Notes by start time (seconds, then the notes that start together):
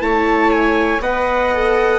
0.00 A3 E4 C#5 A5
0.50 G#5
0.99 B3 B4 D#5 F#5
1.53 A4